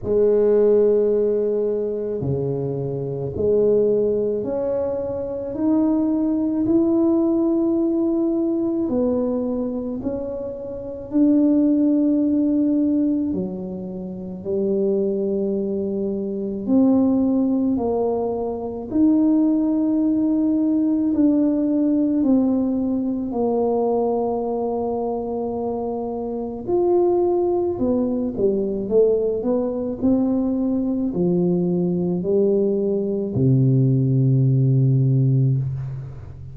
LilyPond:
\new Staff \with { instrumentName = "tuba" } { \time 4/4 \tempo 4 = 54 gis2 cis4 gis4 | cis'4 dis'4 e'2 | b4 cis'4 d'2 | fis4 g2 c'4 |
ais4 dis'2 d'4 | c'4 ais2. | f'4 b8 g8 a8 b8 c'4 | f4 g4 c2 | }